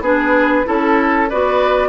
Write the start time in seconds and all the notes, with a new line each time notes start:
0.00 B3 D4 G#4 B4
0.65 C#4 E4 A4
1.29 B3 F#4 B4 D5